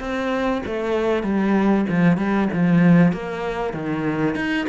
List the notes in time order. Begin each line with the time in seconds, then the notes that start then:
0.00 C4
0.66 A3
1.23 G3
1.89 F3
2.18 G3
2.53 F3
3.13 A#3
3.74 D#3
4.36 D#4